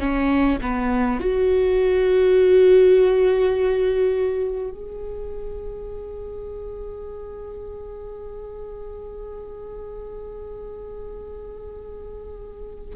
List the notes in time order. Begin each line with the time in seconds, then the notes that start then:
0.00 C#4
0.61 B3
1.20 F#4
4.71 G#4